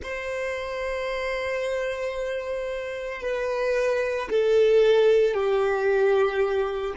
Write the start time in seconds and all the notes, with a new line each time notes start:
0.02 C5
3.21 B4
4.30 A4
5.33 G4